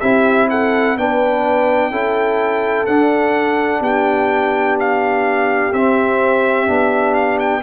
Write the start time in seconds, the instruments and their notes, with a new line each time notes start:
0.00 tuba C4, trombone E4, horn G4, trumpet E5
0.50 horn A4, trumpet F#5
0.96 tuba B3, trombone D4, horn B4, trumpet G5
1.91 tuba C#4, trombone E4, horn A4
2.86 trombone D4, tuba D4, trumpet F#5
3.80 tuba B3, horn G4, trumpet G5
4.80 trumpet F5
5.72 tuba C4, trombone C4, trumpet E5
6.67 tuba B3, trombone D4
7.14 trumpet F5
7.39 trumpet G5